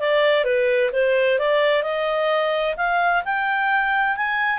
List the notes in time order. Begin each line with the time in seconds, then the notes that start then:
0.00 D5
0.44 B4
0.93 C5
1.39 D5
1.83 D#5
2.77 F5
3.25 G5
4.16 G#5